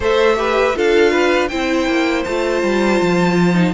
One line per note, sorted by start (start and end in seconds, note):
0.00 0.75 A3
0.00 0.36 A4
0.00 0.36 C5
0.00 0.78 E5
0.36 0.74 G4
0.36 0.76 B4
0.74 1.51 D4
0.74 1.49 F4
0.74 1.11 A4
0.74 1.48 F5
1.11 1.48 B4
1.48 1.87 C4
1.48 2.25 E4
1.48 3.74 C5
1.48 2.23 G5
1.87 2.25 A#3
2.24 2.62 A3
2.24 3.54 F4
2.24 3.74 A5
2.62 3.00 G3
3.01 3.74 F3
3.54 3.73 D#4